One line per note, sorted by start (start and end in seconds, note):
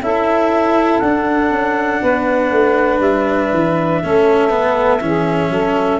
0.00 1.00 C#4
0.00 1.03 E4
0.00 2.02 A4
0.00 0.99 E5
0.99 1.51 D4
0.99 4.04 D4
0.99 2.99 F#5
1.51 2.01 C#4
2.02 2.51 B3
2.02 4.02 B4
2.51 3.00 A3
3.00 3.50 G3
3.00 6.00 E5
3.53 4.03 E3
4.03 5.01 A3
4.03 4.50 C#4
4.03 5.03 A4
4.50 5.00 B3
5.01 5.50 E3
5.01 6.00 C#4
5.01 5.50 G#4
5.50 6.00 F#3
5.50 6.00 A4